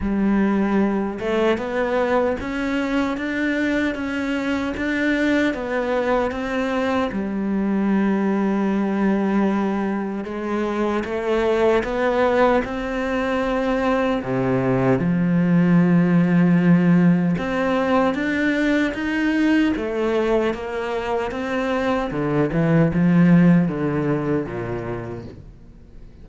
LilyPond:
\new Staff \with { instrumentName = "cello" } { \time 4/4 \tempo 4 = 76 g4. a8 b4 cis'4 | d'4 cis'4 d'4 b4 | c'4 g2.~ | g4 gis4 a4 b4 |
c'2 c4 f4~ | f2 c'4 d'4 | dis'4 a4 ais4 c'4 | d8 e8 f4 d4 ais,4 | }